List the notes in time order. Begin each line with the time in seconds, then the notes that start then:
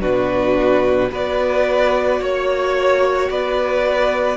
0.00 B2 D4 F#4 B4
1.10 B3 F#4 B4 D5
2.20 A#3 C#5
3.29 B3 B4 D5